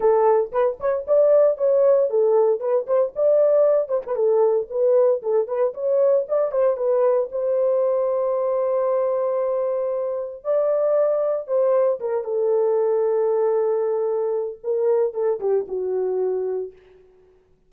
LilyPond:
\new Staff \with { instrumentName = "horn" } { \time 4/4 \tempo 4 = 115 a'4 b'8 cis''8 d''4 cis''4 | a'4 b'8 c''8 d''4. c''16 b'16 | a'4 b'4 a'8 b'8 cis''4 | d''8 c''8 b'4 c''2~ |
c''1 | d''2 c''4 ais'8 a'8~ | a'1 | ais'4 a'8 g'8 fis'2 | }